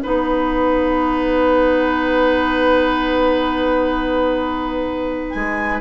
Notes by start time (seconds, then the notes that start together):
0.00 B3 D#4 B4 F#5
5.31 G#3 G#5